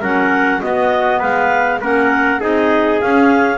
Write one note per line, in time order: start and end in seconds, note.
0.00 0.61 F#3
0.00 0.61 C#4
0.00 0.59 A#4
0.00 0.61 F#5
0.61 1.80 B3
0.61 1.22 B3
0.61 1.18 F#4
0.61 1.20 D#5
1.18 1.82 G#3
1.18 1.78 B4
1.18 1.80 F5
1.81 2.41 A#3
1.81 2.40 C#4
1.81 2.40 A#4
1.81 2.41 F#5
2.40 3.01 C4
2.40 2.99 D#4
2.40 3.57 G#4
2.40 3.00 D#5
3.00 3.57 C#4
3.00 3.57 F5